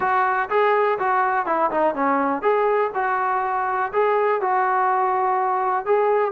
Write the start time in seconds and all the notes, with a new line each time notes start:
0.00 F#4
0.49 G#4
0.98 F#4
1.46 E4
1.70 D#4
1.94 C#4
2.42 G#4
2.94 F#4
3.92 G#4
4.41 F#4
5.85 G#4